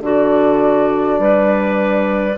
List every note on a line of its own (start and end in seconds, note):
0.00 1.18 D3
0.00 2.35 D4
0.00 1.20 F#4
0.00 2.37 D5
1.19 2.37 G3
1.19 2.37 B4